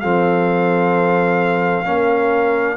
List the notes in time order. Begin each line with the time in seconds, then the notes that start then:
0.00 F3 C4 A4 F5
1.85 A#3 C#4 A#4